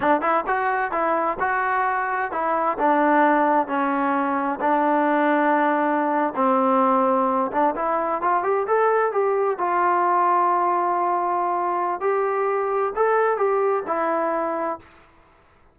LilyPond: \new Staff \with { instrumentName = "trombone" } { \time 4/4 \tempo 4 = 130 d'8 e'8 fis'4 e'4 fis'4~ | fis'4 e'4 d'2 | cis'2 d'2~ | d'4.~ d'16 c'2~ c'16~ |
c'16 d'8 e'4 f'8 g'8 a'4 g'16~ | g'8. f'2.~ f'16~ | f'2 g'2 | a'4 g'4 e'2 | }